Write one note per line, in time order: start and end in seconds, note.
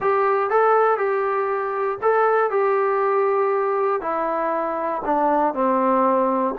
0.00 0.50 G4
0.50 0.97 A4
0.97 1.98 G4
2.01 2.50 A4
2.50 4.01 G4
4.01 5.02 E4
5.05 5.53 D4
5.53 6.54 C4